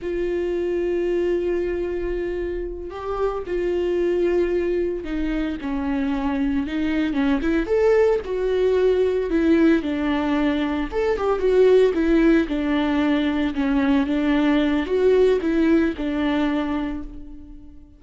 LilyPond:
\new Staff \with { instrumentName = "viola" } { \time 4/4 \tempo 4 = 113 f'1~ | f'4. g'4 f'4.~ | f'4. dis'4 cis'4.~ | cis'8 dis'4 cis'8 e'8 a'4 fis'8~ |
fis'4. e'4 d'4.~ | d'8 a'8 g'8 fis'4 e'4 d'8~ | d'4. cis'4 d'4. | fis'4 e'4 d'2 | }